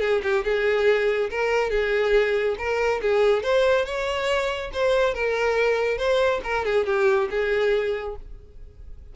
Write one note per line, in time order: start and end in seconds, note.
0.00 0.21 G#4
0.23 0.44 G4
0.44 1.30 G#4
1.30 1.70 A#4
1.70 2.56 G#4
2.58 3.01 A#4
3.02 3.43 G#4
3.43 3.85 C5
3.85 4.71 C#5
4.73 5.14 C5
5.14 5.98 A#4
5.98 6.41 C5
6.43 6.65 A#4
6.65 6.86 G#4
6.86 7.29 G4
7.30 8.16 G#4